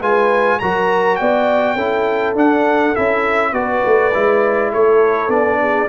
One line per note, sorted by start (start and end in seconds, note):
0.00 0.60 G#3
0.00 0.61 F4
0.00 0.59 B4
0.00 0.60 G#5
0.60 1.20 F#3
0.60 1.78 F#4
0.60 1.20 A#4
0.60 1.16 A#5
1.16 1.77 B3
1.16 1.75 D5
1.16 2.33 G5
1.75 2.35 C#4
1.75 2.36 E4
1.75 3.52 A4
2.35 2.94 D4
2.35 2.95 D4
2.35 2.95 F#5
2.95 3.53 C#4
2.95 3.54 E4
2.95 3.54 E5
3.53 3.82 B3
3.53 4.12 F#4
3.53 4.72 B4
3.53 4.71 D5
3.86 4.15 A3
4.14 4.74 G#3
4.14 5.30 E4
4.72 5.28 A3
4.72 5.60 A4
4.72 5.31 C#5
5.28 5.87 B3
5.28 5.89 D4
5.28 5.89 D5
5.60 5.89 G#4